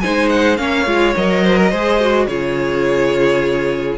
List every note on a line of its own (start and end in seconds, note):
0.00 0.59 G#3
0.00 0.57 D#4
0.00 0.60 C5
0.00 0.28 G#5
0.29 0.57 F#5
0.57 0.86 A#3
0.57 0.85 C#4
0.57 1.44 C#5
0.57 1.14 F5
0.86 1.15 G#3
0.86 1.14 F4
1.16 1.72 F#3
1.16 1.72 A#4
1.16 2.27 D#5
1.44 1.57 C5
1.57 1.70 A#4
1.70 2.27 G#3
1.70 2.00 G#4
1.70 2.26 C5
2.00 2.28 F#4
2.27 3.97 C#3
2.27 3.98 F4
2.27 3.98 G#4
2.27 3.97 C#5